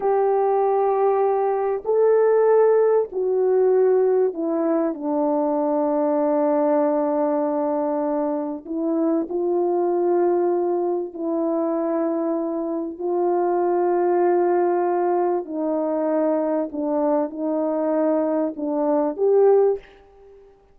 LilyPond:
\new Staff \with { instrumentName = "horn" } { \time 4/4 \tempo 4 = 97 g'2. a'4~ | a'4 fis'2 e'4 | d'1~ | d'2 e'4 f'4~ |
f'2 e'2~ | e'4 f'2.~ | f'4 dis'2 d'4 | dis'2 d'4 g'4 | }